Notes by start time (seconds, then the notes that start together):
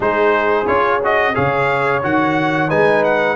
0.00 G#3 D#4 G#4 C5
0.66 C#4 F4 C#5
1.03 F#4 D#5
1.33 C#3 G#4 C#5 F5
2.03 D#3 F#4 F#5
2.69 G#3 D#4 B4 G#5
3.04 F#5